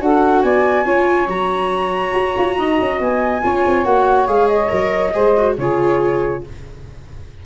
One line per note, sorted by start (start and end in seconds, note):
0.00 0.43 D4
0.00 0.85 F#4
0.00 0.43 A4
0.00 0.42 F#5
0.42 0.85 B3
0.42 0.85 D5
0.42 1.28 G#5
0.85 1.27 C#4
0.85 1.28 F4
0.85 2.56 C#5
1.27 2.13 F#3
1.27 3.42 F#4
1.27 3.00 A#5
2.14 2.35 F#4
2.38 2.58 F4
2.57 2.79 D#4
2.57 3.43 D#5
2.80 2.99 C#4
2.99 3.42 B3
2.99 3.84 G#5
3.42 3.66 C#4
3.42 3.85 F4
3.42 5.13 C#5
3.66 3.85 C4
3.84 4.27 A#3
3.84 4.28 F#4
3.84 4.27 F#5
4.27 4.70 G#3
4.27 4.69 G#4
4.27 4.47 F5
4.47 5.55 D#5
4.69 5.14 F#3
4.69 5.11 A#4
5.13 5.57 G#3
5.13 5.35 G#4
5.13 5.56 C5
5.37 5.58 F#4
5.57 6.43 C#3
5.57 6.45 F4
5.57 6.44 G#4
5.57 6.44 C#5